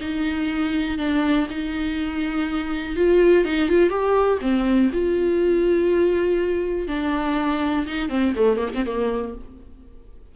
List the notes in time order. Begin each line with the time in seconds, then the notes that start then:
0.00 D#4
0.98 D4
1.50 D#4
2.96 F4
3.45 D#4
3.68 F4
3.89 G4
4.41 C4
4.93 F4
6.88 D4
7.86 D#4
8.09 C4
8.35 A3
8.57 A#3
8.74 C4
8.85 A#3